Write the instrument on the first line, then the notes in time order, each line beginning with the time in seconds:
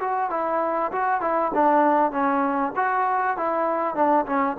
trombone
0.00 F#4
0.30 E4
0.92 F#4
1.21 E4
1.54 D4
2.12 C#4
2.76 F#4
3.37 E4
3.95 D4
4.26 C#4